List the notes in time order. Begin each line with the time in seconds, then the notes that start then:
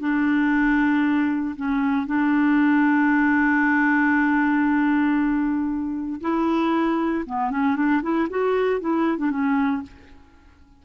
0.00 D4
1.56 C#4
2.06 D4
6.21 E4
7.26 B3
7.50 C#4
7.76 D4
8.02 E4
8.29 F#4
8.80 E4
9.17 D4
9.30 C#4